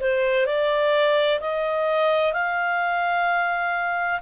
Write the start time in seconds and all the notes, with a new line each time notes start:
0.00 C5
0.46 D5
1.40 D#5
2.32 F5